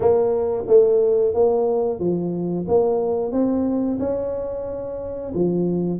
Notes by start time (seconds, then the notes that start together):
0.00 A#3
0.67 A3
1.34 A#3
1.99 F3
2.68 A#3
3.32 C4
3.99 C#4
5.34 F3